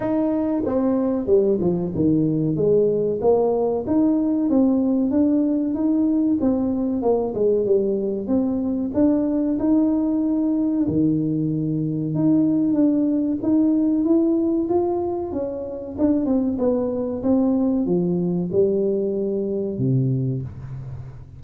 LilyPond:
\new Staff \with { instrumentName = "tuba" } { \time 4/4 \tempo 4 = 94 dis'4 c'4 g8 f8 dis4 | gis4 ais4 dis'4 c'4 | d'4 dis'4 c'4 ais8 gis8 | g4 c'4 d'4 dis'4~ |
dis'4 dis2 dis'4 | d'4 dis'4 e'4 f'4 | cis'4 d'8 c'8 b4 c'4 | f4 g2 c4 | }